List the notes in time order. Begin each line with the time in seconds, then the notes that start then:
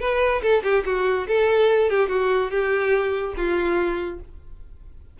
0.00 B4
0.42 A4
0.63 G4
0.85 F#4
1.27 A4
1.90 G4
2.09 F#4
2.51 G4
3.36 F4